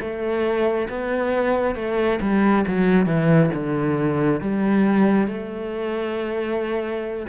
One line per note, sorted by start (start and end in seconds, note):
0.00 0.88 A3
0.89 1.75 B3
1.75 2.19 A3
2.21 2.65 G3
2.67 3.06 F#3
3.06 3.50 E3
3.54 4.40 D3
4.40 5.27 G3
5.27 7.26 A3